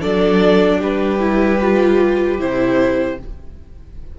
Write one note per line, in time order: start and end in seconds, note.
0.00 0.82 F#3
0.00 1.19 D4
0.00 0.78 A4
0.00 0.80 D5
0.78 2.39 G3
0.78 3.15 G4
0.78 2.40 B4
1.19 1.59 E4
1.60 2.39 F4
2.39 3.18 C3
2.39 3.18 E4
2.39 3.19 C5